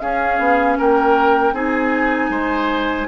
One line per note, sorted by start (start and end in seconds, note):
0.00 1.54 C#4
0.00 0.39 C#4
0.00 0.78 G#4
0.00 0.77 F5
0.39 0.77 B3
0.78 1.53 A#3
0.78 1.54 A#4
0.78 1.54 G5
1.53 2.29 C4
1.53 3.08 D#4
1.53 2.31 G#4
1.53 3.08 G#5
2.29 3.06 G#3
2.29 3.08 C5